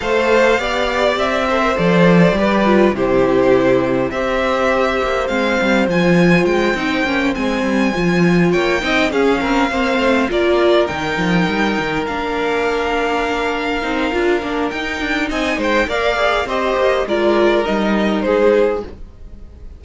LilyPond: <<
  \new Staff \with { instrumentName = "violin" } { \time 4/4 \tempo 4 = 102 f''2 e''4 d''4~ | d''4 c''2 e''4~ | e''4 f''4 gis''4 g''4~ | g''8 gis''2 g''4 f''8~ |
f''4. d''4 g''4.~ | g''8 f''2.~ f''8~ | f''4 g''4 gis''8 g''8 f''4 | dis''4 d''4 dis''4 c''4 | }
  \new Staff \with { instrumentName = "violin" } { \time 4/4 c''4 d''4. c''4. | b'4 g'2 c''4~ | c''1~ | c''2~ c''8 cis''8 dis''8 gis'8 |
ais'8 c''4 ais'2~ ais'8~ | ais'1~ | ais'2 dis''8 c''8 d''4 | c''4 ais'2 gis'4 | }
  \new Staff \with { instrumentName = "viola" } { \time 4/4 a'4 g'4. a'16 ais'16 a'4 | g'8 f'8 e'2 g'4~ | g'4 c'4 f'4. dis'8 | cis'8 c'4 f'4. dis'8 cis'8~ |
cis'8 c'4 f'4 dis'4.~ | dis'8 d'2. dis'8 | f'8 d'8 dis'2 ais'8 gis'8 | g'4 f'4 dis'2 | }
  \new Staff \with { instrumentName = "cello" } { \time 4/4 a4 b4 c'4 f4 | g4 c2 c'4~ | c'8 ais8 gis8 g8 f4 gis8 c'8 | ais8 gis8 g8 f4 ais8 c'8 cis'8 |
c'8 ais8 a8 ais4 dis8 f8 g8 | dis8 ais2. c'8 | d'8 ais8 dis'8 d'8 c'8 gis8 ais4 | c'8 ais8 gis4 g4 gis4 | }
>>